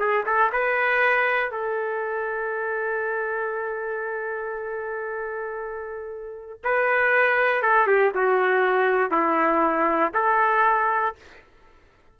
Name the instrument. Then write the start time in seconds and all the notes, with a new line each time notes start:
trumpet
0.00 G#4
0.26 A4
0.52 B4
1.51 A4
6.64 B4
7.63 A4
7.87 G4
8.15 F#4
9.11 E4
10.14 A4